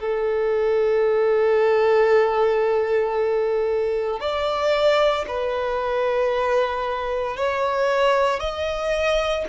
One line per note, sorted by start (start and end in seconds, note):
0.00 4.20 A4
4.20 5.25 D5
5.28 7.36 B4
7.36 8.39 C#5
8.39 9.44 D#5